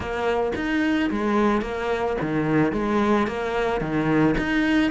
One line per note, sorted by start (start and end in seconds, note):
0.00 0.52 A#3
0.55 1.10 D#4
1.10 1.61 G#3
1.61 2.16 A#3
2.21 2.72 D#3
2.72 3.27 G#3
3.27 3.81 A#3
3.81 4.35 D#3
4.37 4.91 D#4